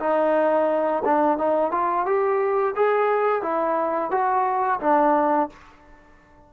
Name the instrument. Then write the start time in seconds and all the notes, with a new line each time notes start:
trombone
0.00 D#4
1.05 D4
1.38 D#4
1.72 F4
2.06 G4
2.76 G#4
3.43 E4
4.11 F#4
4.81 D4